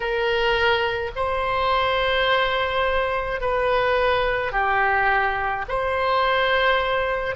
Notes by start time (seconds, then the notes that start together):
0.00 A#4
1.15 C5
3.41 B4
4.52 G4
5.68 C5